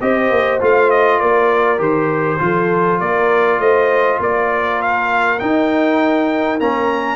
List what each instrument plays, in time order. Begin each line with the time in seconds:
0.00 tuba C4, trombone G4, horn C5, trumpet D#5
0.30 tuba A#3
0.60 tuba A3, trombone F4, trumpet F5
0.90 trumpet D#5
1.19 tuba A#3, horn A#4, trumpet D5
1.77 tuba D#3, trombone G4, trumpet C5
2.39 tuba F3, trombone F4, horn A4
3.00 tuba A#3, horn A#4, trumpet D5
3.59 tuba A3, horn C5, trumpet D#5
4.20 tuba A#3, horn A#4, trumpet D5
4.82 trumpet F5
5.39 trombone D#4, tuba D#4, trumpet G5
6.60 tuba A#3, trombone C#4, trumpet A#5